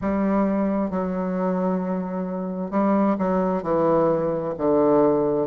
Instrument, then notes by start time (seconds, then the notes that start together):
bassoon
0.01 G3
0.90 F#3
2.70 G3
3.18 F#3
3.62 E3
4.57 D3